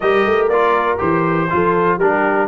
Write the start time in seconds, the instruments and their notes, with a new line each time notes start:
0.00 tuba G3, trombone G4, horn A#4, trumpet D#5
0.25 tuba A3
0.49 tuba A#3, trombone F4, trumpet D5
0.98 tuba E3, trombone G4, trumpet C5
1.50 tuba F3, trombone F4, horn A4
1.97 tuba G3, trombone D4, horn G4, trumpet A#4